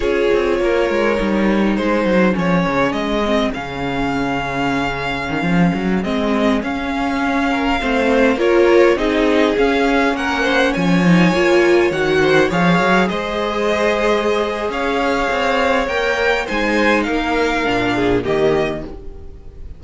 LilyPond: <<
  \new Staff \with { instrumentName = "violin" } { \time 4/4 \tempo 4 = 102 cis''2. c''4 | cis''4 dis''4 f''2~ | f''2~ f''16 dis''4 f''8.~ | f''2~ f''16 cis''4 dis''8.~ |
dis''16 f''4 fis''4 gis''4.~ gis''16~ | gis''16 fis''4 f''4 dis''4.~ dis''16~ | dis''4 f''2 g''4 | gis''4 f''2 dis''4 | }
  \new Staff \with { instrumentName = "violin" } { \time 4/4 gis'4 ais'2 gis'4~ | gis'1~ | gis'1~ | gis'8. ais'8 c''4 ais'4 gis'8.~ |
gis'4~ gis'16 ais'8 c''8 cis''4.~ cis''16~ | cis''8. c''8 cis''4 c''4.~ c''16~ | c''4 cis''2. | c''4 ais'4. gis'8 g'4 | }
  \new Staff \with { instrumentName = "viola" } { \time 4/4 f'2 dis'2 | cis'4. c'8 cis'2~ | cis'2~ cis'16 c'4 cis'8.~ | cis'4~ cis'16 c'4 f'4 dis'8.~ |
dis'16 cis'2~ cis'8 dis'8 f'8.~ | f'16 fis'4 gis'2~ gis'8.~ | gis'2. ais'4 | dis'2 d'4 ais4 | }
  \new Staff \with { instrumentName = "cello" } { \time 4/4 cis'8 c'8 ais8 gis8 g4 gis8 fis8 | f8 cis8 gis4 cis2~ | cis4 dis16 f8 fis8 gis4 cis'8.~ | cis'4~ cis'16 a4 ais4 c'8.~ |
c'16 cis'4 ais4 f4 ais8.~ | ais16 dis4 f8 fis8 gis4.~ gis16~ | gis4 cis'4 c'4 ais4 | gis4 ais4 ais,4 dis4 | }
>>